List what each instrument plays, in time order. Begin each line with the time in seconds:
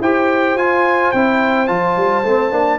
0.00 tuba E4, trombone G4, horn C5, trumpet G5
0.55 tuba F4, trombone F4, trumpet G#5
1.11 tuba C4, trombone E4, trumpet G5
1.67 tuba F3, trombone F4, trumpet A5
1.96 tuba G3
2.24 tuba A3, trombone C4
2.51 tuba A#3, trombone D4